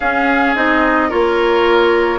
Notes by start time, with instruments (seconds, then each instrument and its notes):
0.00 bassoon C#4, clarinet C#4, oboe G#4, flute F5
0.55 bassoon C4, clarinet D#4, flute D#5
1.09 bassoon A#3, clarinet F4, oboe A#4, flute C#5